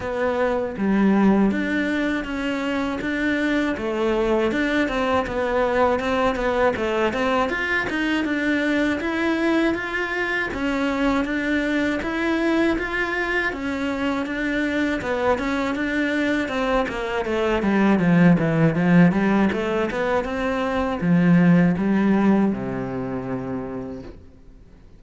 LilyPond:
\new Staff \with { instrumentName = "cello" } { \time 4/4 \tempo 4 = 80 b4 g4 d'4 cis'4 | d'4 a4 d'8 c'8 b4 | c'8 b8 a8 c'8 f'8 dis'8 d'4 | e'4 f'4 cis'4 d'4 |
e'4 f'4 cis'4 d'4 | b8 cis'8 d'4 c'8 ais8 a8 g8 | f8 e8 f8 g8 a8 b8 c'4 | f4 g4 c2 | }